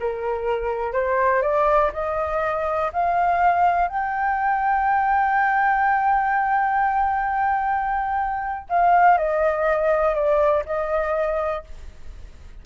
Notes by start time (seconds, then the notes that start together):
0.00 A#4
0.93 C5
1.43 D5
1.94 D#5
2.93 F5
3.89 G5
8.70 F5
9.18 D#5
10.16 D5
10.66 D#5